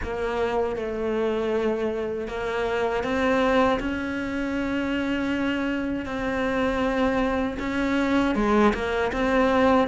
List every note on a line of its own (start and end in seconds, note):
0.03 0.76 A#3
0.76 2.27 A3
2.27 3.03 A#3
3.03 3.79 C4
3.79 6.06 C#4
6.06 7.57 C4
7.59 8.35 C#4
8.35 8.73 G#3
8.73 9.11 A#3
9.12 9.87 C4